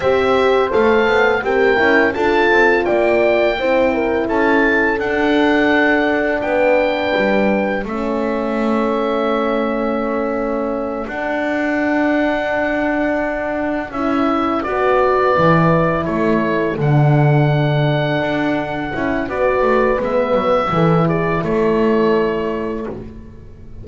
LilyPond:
<<
  \new Staff \with { instrumentName = "oboe" } { \time 4/4 \tempo 4 = 84 e''4 f''4 g''4 a''4 | g''2 a''4 fis''4~ | fis''4 g''2 e''4~ | e''2.~ e''8 fis''8~ |
fis''2.~ fis''8 e''8~ | e''8 d''2 cis''4 fis''8~ | fis''2. d''4 | e''4. d''8 cis''2 | }
  \new Staff \with { instrumentName = "horn" } { \time 4/4 c''2 ais'4 a'4 | d''4 c''8 ais'8 a'2~ | a'4 b'2 a'4~ | a'1~ |
a'1~ | a'8 b'2 a'4.~ | a'2. b'4~ | b'4 a'8 gis'8 a'2 | }
  \new Staff \with { instrumentName = "horn" } { \time 4/4 g'4 a'4 g'8 e'8 f'4~ | f'4 e'2 d'4~ | d'2. cis'4~ | cis'2.~ cis'8 d'8~ |
d'2.~ d'8 e'8~ | e'8 fis'4 e'2 d'8~ | d'2~ d'8 e'8 fis'4 | b4 e'2. | }
  \new Staff \with { instrumentName = "double bass" } { \time 4/4 c'4 a8 b8 c'8 cis'8 d'8 c'8 | ais4 c'4 cis'4 d'4~ | d'4 b4 g4 a4~ | a2.~ a8 d'8~ |
d'2.~ d'8 cis'8~ | cis'8 b4 e4 a4 d8~ | d4. d'4 cis'8 b8 a8 | gis8 fis8 e4 a2 | }
>>